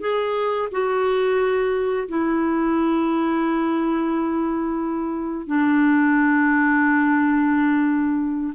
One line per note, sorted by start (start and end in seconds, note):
0.00 0.68 G#4
0.71 2.08 F#4
2.08 5.46 E4
5.46 8.53 D4